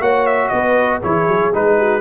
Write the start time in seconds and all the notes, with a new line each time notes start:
0.00 A#3 F#4 C#5 F#5
0.26 E5
0.48 B3 B4 D#5
1.00 E3 E4 G#4 C#5
1.27 F#3
1.53 G#3 D#4 B4
1.78 F#4